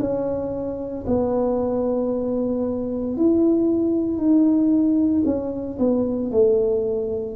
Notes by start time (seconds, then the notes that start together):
0.00 C#4
1.08 B3
3.17 E4
4.18 D#4
5.26 C#4
5.79 B3
6.32 A3